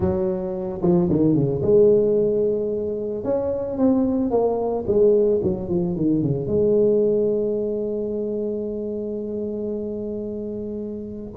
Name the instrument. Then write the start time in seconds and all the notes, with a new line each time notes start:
tuba
0.00 F#3
0.82 F3
1.09 D#3
1.34 C#3
1.62 G#3
3.24 C#4
3.77 C4
4.30 A#3
4.87 G#3
5.43 F#3
5.69 F3
5.96 D#3
6.22 C#3
6.47 G#3